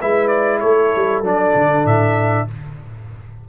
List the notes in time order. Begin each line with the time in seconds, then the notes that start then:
0.00 G#3 E4 B4 E5
0.27 D5
0.60 A3 A4 C#5
0.95 G3
1.21 F#3 D4 D5
1.55 D3
1.85 A2 E5